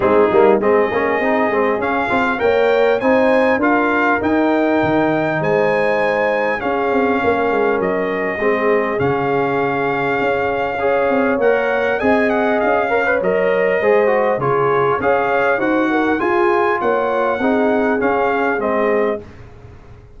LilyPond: <<
  \new Staff \with { instrumentName = "trumpet" } { \time 4/4 \tempo 4 = 100 gis'4 dis''2 f''4 | g''4 gis''4 f''4 g''4~ | g''4 gis''2 f''4~ | f''4 dis''2 f''4~ |
f''2. fis''4 | gis''8 fis''8 f''4 dis''2 | cis''4 f''4 fis''4 gis''4 | fis''2 f''4 dis''4 | }
  \new Staff \with { instrumentName = "horn" } { \time 4/4 dis'4 gis'2. | cis''4 c''4 ais'2~ | ais'4 c''2 gis'4 | ais'2 gis'2~ |
gis'2 cis''2 | dis''4. cis''4. c''4 | gis'4 cis''4 c''8 ais'8 gis'4 | cis''4 gis'2. | }
  \new Staff \with { instrumentName = "trombone" } { \time 4/4 c'8 ais8 c'8 cis'8 dis'8 c'8 cis'8 f'8 | ais'4 dis'4 f'4 dis'4~ | dis'2. cis'4~ | cis'2 c'4 cis'4~ |
cis'2 gis'4 ais'4 | gis'4. ais'16 b'16 ais'4 gis'8 fis'8 | f'4 gis'4 fis'4 f'4~ | f'4 dis'4 cis'4 c'4 | }
  \new Staff \with { instrumentName = "tuba" } { \time 4/4 gis8 g8 gis8 ais8 c'8 gis8 cis'8 c'8 | ais4 c'4 d'4 dis'4 | dis4 gis2 cis'8 c'8 | ais8 gis8 fis4 gis4 cis4~ |
cis4 cis'4. c'8 ais4 | c'4 cis'4 fis4 gis4 | cis4 cis'4 dis'4 f'4 | ais4 c'4 cis'4 gis4 | }
>>